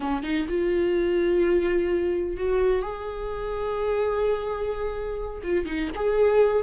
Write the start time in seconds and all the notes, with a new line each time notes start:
0.00 C#4
0.23 D#4
0.48 F4
2.36 F#4
2.82 G#4
5.43 F4
5.65 D#4
5.95 G#4